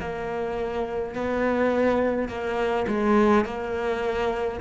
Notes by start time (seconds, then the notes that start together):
0.00 A#3
1.15 B3
2.29 A#3
2.88 G#3
3.46 A#3